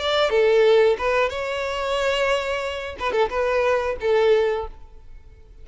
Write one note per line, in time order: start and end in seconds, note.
0.00 0.30 D5
0.30 0.97 A4
0.98 1.30 B4
1.30 2.97 C#5
3.00 3.13 B4
3.13 3.29 A4
3.30 3.97 B4
4.01 4.68 A4